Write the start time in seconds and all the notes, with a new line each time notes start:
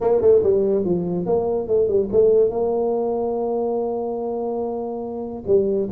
0.00 A#3
0.21 A3
0.43 G3
0.84 F3
1.26 A#3
1.67 A3
1.87 G3
2.12 A3
2.50 A#3
5.46 G3